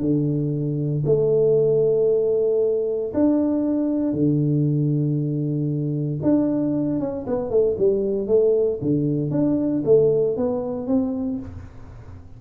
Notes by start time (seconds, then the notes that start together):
0.00 D3
1.06 A3
3.14 D4
4.12 D3
6.22 D4
6.99 C#4
7.26 B3
7.50 A3
7.78 G3
8.27 A3
8.81 D3
9.31 D4
9.85 A3
10.37 B3
10.87 C4